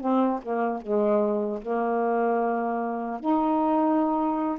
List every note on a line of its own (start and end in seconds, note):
0.00 0.40 C4
0.42 0.81 A#3
0.81 1.61 G#3
1.62 3.20 A#3
3.20 4.58 D#4